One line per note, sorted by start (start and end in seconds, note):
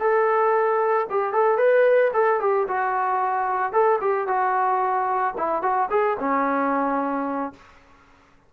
0.00 1.07 A4
1.10 1.33 G4
1.33 1.58 A4
1.58 2.12 B4
2.14 2.41 A4
2.41 2.67 G4
2.68 3.73 F#4
3.73 4.00 A4
4.01 4.28 G4
4.28 5.35 F#4
5.38 5.62 E4
5.62 5.89 F#4
5.91 6.18 G#4
6.19 7.53 C#4